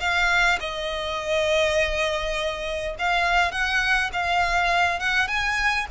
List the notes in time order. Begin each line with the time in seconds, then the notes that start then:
0.00 F5
0.60 D#5
2.99 F5
3.52 F#5
4.13 F5
5.00 F#5
5.28 G#5